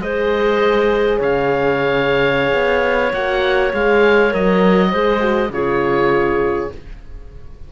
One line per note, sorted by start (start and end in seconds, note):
0.00 1.19 G#3
0.00 3.13 G#4
0.00 1.18 C5
0.00 1.21 D#5
1.18 2.53 C#3
1.18 4.89 C#5
1.18 3.13 F5
2.53 3.13 B3
3.13 3.73 A#3
3.13 3.73 F#4
3.13 3.73 F#5
3.73 4.34 G#3
3.73 4.30 G#4
3.73 4.34 F5
4.30 4.93 F#3
4.30 4.89 A#4
4.30 5.53 D#5
4.90 5.50 G#3
4.90 5.20 G#4
4.90 5.49 C5
5.20 5.50 F#4
5.50 6.68 C#3
5.50 6.72 F4
5.50 6.72 G#4
5.50 6.72 C#5